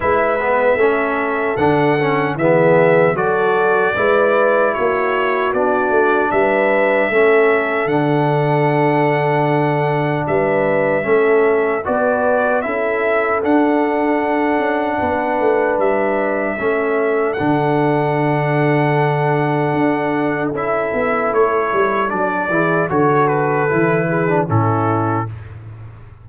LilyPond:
<<
  \new Staff \with { instrumentName = "trumpet" } { \time 4/4 \tempo 4 = 76 e''2 fis''4 e''4 | d''2 cis''4 d''4 | e''2 fis''2~ | fis''4 e''2 d''4 |
e''4 fis''2. | e''2 fis''2~ | fis''2 e''4 cis''4 | d''4 cis''8 b'4. a'4 | }
  \new Staff \with { instrumentName = "horn" } { \time 4/4 b'4 a'2 gis'4 | a'4 b'4 fis'2 | b'4 a'2.~ | a'4 b'4 a'4 b'4 |
a'2. b'4~ | b'4 a'2.~ | a'1~ | a'8 gis'8 a'4. gis'8 e'4 | }
  \new Staff \with { instrumentName = "trombone" } { \time 4/4 e'8 b8 cis'4 d'8 cis'8 b4 | fis'4 e'2 d'4~ | d'4 cis'4 d'2~ | d'2 cis'4 fis'4 |
e'4 d'2.~ | d'4 cis'4 d'2~ | d'2 e'2 | d'8 e'8 fis'4 e'8. d'16 cis'4 | }
  \new Staff \with { instrumentName = "tuba" } { \time 4/4 gis4 a4 d4 e4 | fis4 gis4 ais4 b8 a8 | g4 a4 d2~ | d4 g4 a4 b4 |
cis'4 d'4. cis'8 b8 a8 | g4 a4 d2~ | d4 d'4 cis'8 b8 a8 g8 | fis8 e8 d4 e4 a,4 | }
>>